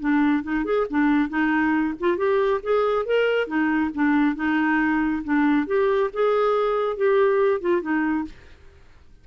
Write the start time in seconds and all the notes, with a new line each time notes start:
0.00 D4
0.43 D#4
0.65 G#4
0.90 D4
1.29 D#4
2.00 F4
2.17 G4
2.63 G#4
3.05 A#4
3.47 D#4
3.94 D4
4.36 D#4
5.24 D4
5.67 G4
6.13 G#4
6.97 G4
7.61 F4
7.81 D#4